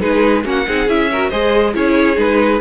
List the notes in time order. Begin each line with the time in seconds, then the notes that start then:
0.00 G#3 D#4 G#4 B4
0.44 A#3 C#4 F#4 F#5
0.66 C4 D#4 G#4
0.87 C#4 E4 E5
1.11 F#4 A#4
1.29 G#3 G#4 C5 D#5
1.74 C#4 E4 G#4 C#5
2.16 G#3 D#4 B4